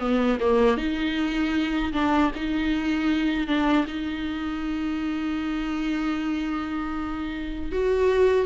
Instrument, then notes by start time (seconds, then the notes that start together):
viola
0.00 B3
0.41 A#3
0.77 D#4
1.93 D4
2.36 D#4
3.48 D4
3.87 D#4
7.72 F#4